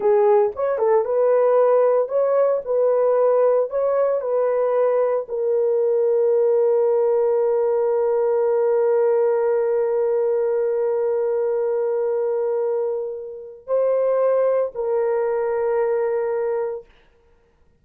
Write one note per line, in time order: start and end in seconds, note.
0.00 0.51 G#4
0.55 0.78 C#5
0.78 1.04 A4
1.04 2.08 B4
2.08 2.61 C#5
2.65 3.70 B4
3.70 4.21 C#5
4.21 5.26 B4
5.28 13.67 A#4
13.67 14.72 C5
14.74 16.85 A#4